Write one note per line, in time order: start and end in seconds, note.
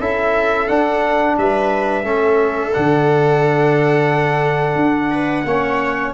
0.00 0.68 C#4
0.00 0.69 E4
0.00 1.37 A4
0.00 0.68 E5
0.68 2.04 D4
0.68 1.38 D4
0.68 1.37 F#5
1.38 2.04 G3
1.38 2.06 B4
1.38 2.74 E5
2.04 2.73 A3
2.04 2.73 C#4
2.04 5.11 A4
2.74 4.76 D3
2.74 5.47 D4
2.74 6.14 F#5
4.76 5.44 D4
5.11 5.45 B4
5.45 6.13 A#3
5.45 6.15 C#4
5.45 6.15 C#5